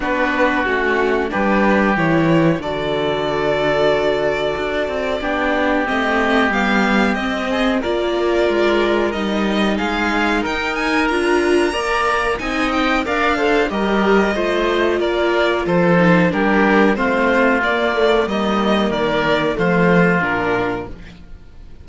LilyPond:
<<
  \new Staff \with { instrumentName = "violin" } { \time 4/4 \tempo 4 = 92 b'4 fis'4 b'4 cis''4 | d''1~ | d''4 dis''4 f''4 dis''4 | d''2 dis''4 f''4 |
g''8 gis''8 ais''2 gis''8 g''8 | f''4 dis''2 d''4 | c''4 ais'4 c''4 d''4 | dis''4 d''4 c''4 ais'4 | }
  \new Staff \with { instrumentName = "oboe" } { \time 4/4 fis'2 g'2 | a'1 | g'2.~ g'8 gis'8 | ais'2. gis'4 |
ais'2 d''4 dis''4 | d''8 c''8 ais'4 c''4 ais'4 | a'4 g'4 f'2 | dis'4 ais'4 f'2 | }
  \new Staff \with { instrumentName = "viola" } { \time 4/4 d'4 cis'4 d'4 e'4 | fis'1 | d'4 c'4 b4 c'4 | f'2 dis'2~ |
dis'4 f'4 ais'4 dis'4 | ais'8 a'8 g'4 f'2~ | f'8 dis'8 d'4 c'4 ais8 a8 | ais2 a4 d'4 | }
  \new Staff \with { instrumentName = "cello" } { \time 4/4 b4 a4 g4 e4 | d2. d'8 c'8 | b4 a4 g4 c'4 | ais4 gis4 g4 gis4 |
dis'4 d'4 ais4 c'4 | d'4 g4 a4 ais4 | f4 g4 a4 ais4 | g4 dis4 f4 ais,4 | }
>>